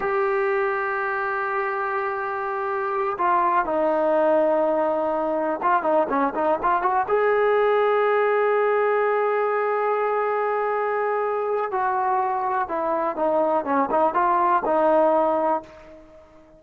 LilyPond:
\new Staff \with { instrumentName = "trombone" } { \time 4/4 \tempo 4 = 123 g'1~ | g'2~ g'8 f'4 dis'8~ | dis'2.~ dis'8 f'8 | dis'8 cis'8 dis'8 f'8 fis'8 gis'4.~ |
gis'1~ | gis'1 | fis'2 e'4 dis'4 | cis'8 dis'8 f'4 dis'2 | }